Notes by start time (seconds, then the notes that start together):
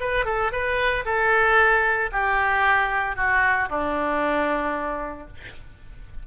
0.00 B4
0.25 A4
0.52 B4
1.05 A4
2.12 G4
3.16 F#4
3.69 D4